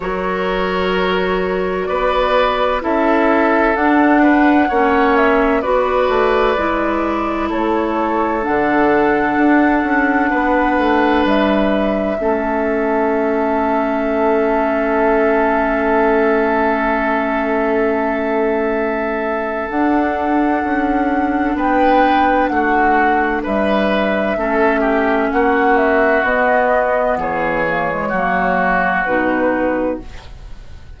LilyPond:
<<
  \new Staff \with { instrumentName = "flute" } { \time 4/4 \tempo 4 = 64 cis''2 d''4 e''4 | fis''4. e''8 d''2 | cis''4 fis''2. | e''1~ |
e''1~ | e''4 fis''2 g''4 | fis''4 e''2 fis''8 e''8 | dis''4 cis''2 b'4 | }
  \new Staff \with { instrumentName = "oboe" } { \time 4/4 ais'2 b'4 a'4~ | a'8 b'8 cis''4 b'2 | a'2. b'4~ | b'4 a'2.~ |
a'1~ | a'2. b'4 | fis'4 b'4 a'8 g'8 fis'4~ | fis'4 gis'4 fis'2 | }
  \new Staff \with { instrumentName = "clarinet" } { \time 4/4 fis'2. e'4 | d'4 cis'4 fis'4 e'4~ | e'4 d'2.~ | d'4 cis'2.~ |
cis'1~ | cis'4 d'2.~ | d'2 cis'2 | b4. ais16 gis16 ais4 dis'4 | }
  \new Staff \with { instrumentName = "bassoon" } { \time 4/4 fis2 b4 cis'4 | d'4 ais4 b8 a8 gis4 | a4 d4 d'8 cis'8 b8 a8 | g4 a2.~ |
a1~ | a4 d'4 cis'4 b4 | a4 g4 a4 ais4 | b4 e4 fis4 b,4 | }
>>